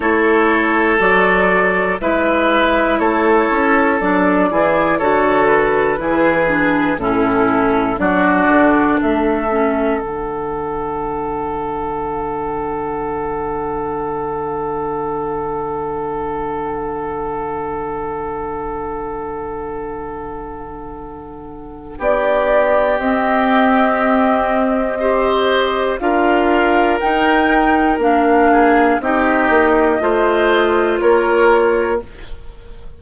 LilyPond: <<
  \new Staff \with { instrumentName = "flute" } { \time 4/4 \tempo 4 = 60 cis''4 d''4 e''4 cis''4 | d''4 cis''8 b'4. a'4 | d''4 e''4 fis''2~ | fis''1~ |
fis''1~ | fis''2 d''4 dis''4~ | dis''2 f''4 g''4 | f''4 dis''2 cis''4 | }
  \new Staff \with { instrumentName = "oboe" } { \time 4/4 a'2 b'4 a'4~ | a'8 gis'8 a'4 gis'4 e'4 | fis'4 a'2.~ | a'1~ |
a'1~ | a'2 g'2~ | g'4 c''4 ais'2~ | ais'8 gis'8 g'4 c''4 ais'4 | }
  \new Staff \with { instrumentName = "clarinet" } { \time 4/4 e'4 fis'4 e'2 | d'8 e'8 fis'4 e'8 d'8 cis'4 | d'4. cis'8 d'2~ | d'1~ |
d'1~ | d'2. c'4~ | c'4 g'4 f'4 dis'4 | d'4 dis'4 f'2 | }
  \new Staff \with { instrumentName = "bassoon" } { \time 4/4 a4 fis4 gis4 a8 cis'8 | fis8 e8 d4 e4 a,4 | fis8 d8 a4 d2~ | d1~ |
d1~ | d2 b4 c'4~ | c'2 d'4 dis'4 | ais4 c'8 ais8 a4 ais4 | }
>>